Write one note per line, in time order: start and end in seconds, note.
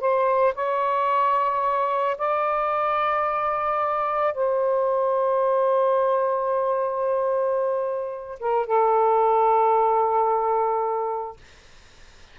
0.00 0.54 C5
0.55 2.17 C#5
2.18 4.34 D5
4.34 8.39 C5
8.40 8.67 A#4
8.67 11.37 A4